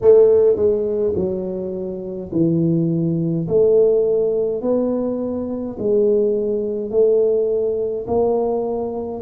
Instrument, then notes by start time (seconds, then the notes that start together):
tuba
0.01 A3
0.56 G#3
1.15 F#3
2.32 E3
3.48 A3
4.61 B3
5.78 G#3
6.90 A3
8.07 A#3